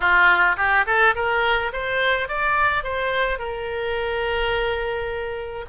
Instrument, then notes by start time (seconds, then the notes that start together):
oboe
0.00 F4
0.56 G4
0.86 A4
1.15 A#4
1.72 C5
2.28 D5
2.83 C5
3.38 A#4